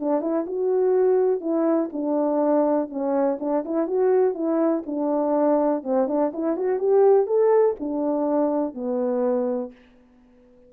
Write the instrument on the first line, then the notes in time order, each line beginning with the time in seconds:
horn
0.00 D4
0.21 E4
0.47 F#4
1.41 E4
1.93 D4
2.89 C#4
3.40 D4
3.65 E4
3.87 F#4
4.35 E4
4.86 D4
5.84 C4
6.08 D4
6.33 E4
6.57 F#4
6.79 G4
7.27 A4
7.80 D4
8.74 B3